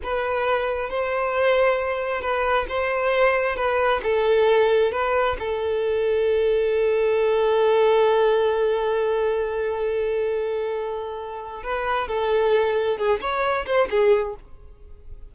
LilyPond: \new Staff \with { instrumentName = "violin" } { \time 4/4 \tempo 4 = 134 b'2 c''2~ | c''4 b'4 c''2 | b'4 a'2 b'4 | a'1~ |
a'1~ | a'1~ | a'2 b'4 a'4~ | a'4 gis'8 cis''4 c''8 gis'4 | }